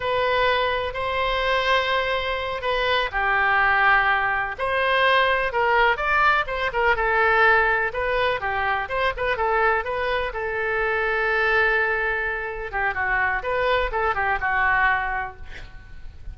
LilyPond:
\new Staff \with { instrumentName = "oboe" } { \time 4/4 \tempo 4 = 125 b'2 c''2~ | c''4. b'4 g'4.~ | g'4. c''2 ais'8~ | ais'8 d''4 c''8 ais'8 a'4.~ |
a'8 b'4 g'4 c''8 b'8 a'8~ | a'8 b'4 a'2~ a'8~ | a'2~ a'8 g'8 fis'4 | b'4 a'8 g'8 fis'2 | }